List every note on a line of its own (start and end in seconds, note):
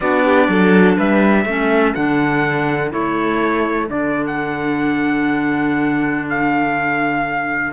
0.00 0.48 B3
0.00 1.46 D4
0.00 0.24 F#4
0.00 0.96 D5
0.24 0.48 G4
0.48 0.96 F#3
0.48 0.97 A4
0.97 1.45 G3
0.97 1.44 B4
0.97 1.94 E5
1.44 1.93 A3
1.44 1.95 C#4
1.44 7.72 A4
1.94 2.93 D3
1.94 2.90 D4
1.94 2.91 F#5
2.90 3.90 A3
2.90 3.86 E4
2.90 3.89 C#5
3.88 7.72 D3
3.88 7.72 D4
3.88 4.26 D5
4.27 6.29 F#5
6.29 7.72 F5